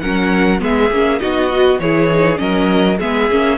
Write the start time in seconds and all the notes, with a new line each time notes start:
0.00 F#3 C#4 A#4 F#5
0.60 G#3 B3 G#4 E5
0.90 A#3 C#4
1.19 B3 D#4 F#4 D#5
1.48 F#4
1.79 E3 E4 G#4 C#5
2.12 D#4
2.36 F#3 C#4 A#4 D#5
2.98 G#3 B3 G#4 E5
3.30 A#3 C#4